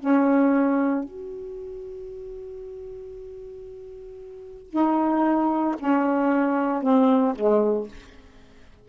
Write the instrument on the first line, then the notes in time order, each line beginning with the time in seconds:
saxophone
0.00 C#4
1.04 F#4
4.70 D#4
5.79 C#4
6.82 C4
7.35 G#3